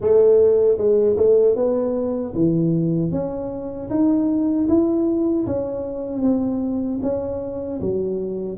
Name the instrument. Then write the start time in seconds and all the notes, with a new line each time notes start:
tuba
0.00 A3
0.77 G#3
1.17 A3
1.55 B3
2.34 E3
3.11 C#4
3.90 D#4
4.68 E4
5.46 C#4
6.22 C4
7.02 C#4
7.81 F#3